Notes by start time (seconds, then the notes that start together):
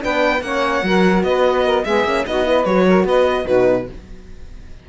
0.00 B3 D4 B4 G5
0.41 A#3 C#4 C#5 F#5
0.83 F#3 F#4 A#4
1.23 B3 B4 D#5
1.65 A#4
1.84 G#3 B3 G#4 E5
2.04 A#3 C#4
2.26 B3 D#4 F#4 D#5
2.44 E4 B4
2.65 F#3 F#4 C#5
2.88 A#4
3.04 B3 B4 D#5
3.45 B2 D#4 F#4 B4